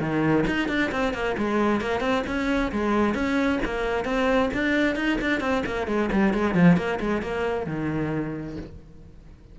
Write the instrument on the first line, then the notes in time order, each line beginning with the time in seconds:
cello
0.00 D#3
0.47 D#4
0.68 D4
0.92 C4
1.14 A#3
1.38 G#3
1.81 A#3
2.00 C4
2.27 C#4
2.72 G#3
3.14 C#4
3.65 A#3
4.05 C4
4.54 D4
4.96 D#4
5.21 D4
5.41 C4
5.66 A#3
5.87 G#3
6.12 G3
6.34 G#3
6.55 F3
6.77 A#3
7.00 G#3
7.22 A#3
7.67 D#3